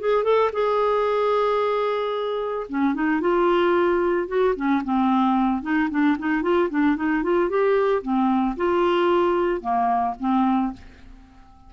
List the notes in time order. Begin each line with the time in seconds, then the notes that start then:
0.00 G#4
0.24 A4
0.53 G#4
2.69 C#4
2.94 D#4
3.21 F4
4.28 F#4
4.56 C#4
4.84 C4
5.62 D#4
5.90 D4
6.19 D#4
6.42 F4
6.70 D4
6.96 D#4
7.23 F4
7.49 G4
8.02 C4
8.57 F4
9.61 A#3
10.19 C4